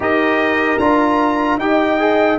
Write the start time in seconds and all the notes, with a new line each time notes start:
0.00 D#4 G4 A#4 D#5
0.78 D4 F4 A#5
1.57 D#4 G4 D#5 G5
1.99 G#4